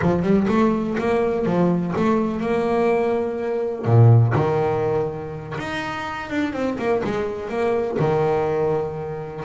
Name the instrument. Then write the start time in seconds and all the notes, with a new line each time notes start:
double bass
0.01 F3
0.22 G3
0.48 A3
0.97 A#3
1.45 F3
1.96 A3
2.40 A#3
3.85 A#2
4.35 D#3
5.58 D#4
6.30 D4
6.52 C4
6.78 A#3
7.04 G#3
7.49 A#3
7.99 D#3